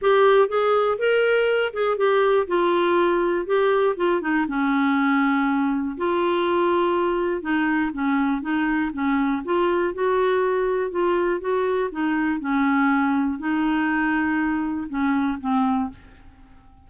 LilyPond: \new Staff \with { instrumentName = "clarinet" } { \time 4/4 \tempo 4 = 121 g'4 gis'4 ais'4. gis'8 | g'4 f'2 g'4 | f'8 dis'8 cis'2. | f'2. dis'4 |
cis'4 dis'4 cis'4 f'4 | fis'2 f'4 fis'4 | dis'4 cis'2 dis'4~ | dis'2 cis'4 c'4 | }